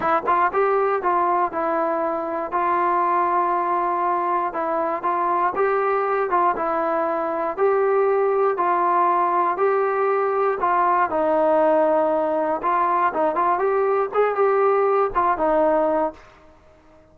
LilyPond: \new Staff \with { instrumentName = "trombone" } { \time 4/4 \tempo 4 = 119 e'8 f'8 g'4 f'4 e'4~ | e'4 f'2.~ | f'4 e'4 f'4 g'4~ | g'8 f'8 e'2 g'4~ |
g'4 f'2 g'4~ | g'4 f'4 dis'2~ | dis'4 f'4 dis'8 f'8 g'4 | gis'8 g'4. f'8 dis'4. | }